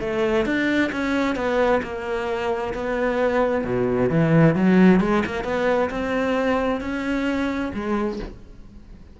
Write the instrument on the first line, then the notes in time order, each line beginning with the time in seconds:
cello
0.00 A3
0.45 D4
0.92 C#4
1.36 B3
1.83 A#3
2.74 B3
3.64 B2
4.10 E3
4.55 F#3
5.00 G#3
5.26 A#3
5.44 B3
5.90 C4
6.81 C#4
7.74 G#3